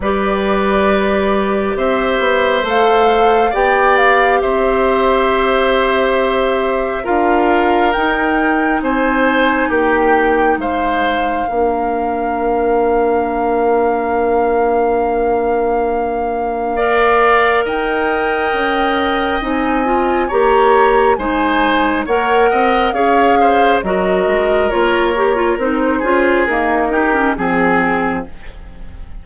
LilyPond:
<<
  \new Staff \with { instrumentName = "flute" } { \time 4/4 \tempo 4 = 68 d''2 e''4 f''4 | g''8 f''8 e''2. | f''4 g''4 gis''4 g''4 | f''1~ |
f''1 | g''2 gis''4 ais''4 | gis''4 fis''4 f''4 dis''4 | cis''4 c''4 ais'4 gis'4 | }
  \new Staff \with { instrumentName = "oboe" } { \time 4/4 b'2 c''2 | d''4 c''2. | ais'2 c''4 g'4 | c''4 ais'2.~ |
ais'2. d''4 | dis''2. cis''4 | c''4 cis''8 dis''8 cis''8 c''8 ais'4~ | ais'4. gis'4 g'8 gis'4 | }
  \new Staff \with { instrumentName = "clarinet" } { \time 4/4 g'2. a'4 | g'1 | f'4 dis'2.~ | dis'4 d'2.~ |
d'2. ais'4~ | ais'2 dis'8 f'8 g'4 | dis'4 ais'4 gis'4 fis'4 | f'8 g'16 f'16 dis'8 f'8 ais8 dis'16 cis'16 c'4 | }
  \new Staff \with { instrumentName = "bassoon" } { \time 4/4 g2 c'8 b8 a4 | b4 c'2. | d'4 dis'4 c'4 ais4 | gis4 ais2.~ |
ais1 | dis'4 cis'4 c'4 ais4 | gis4 ais8 c'8 cis'4 fis8 gis8 | ais4 c'8 cis'8 dis'4 f4 | }
>>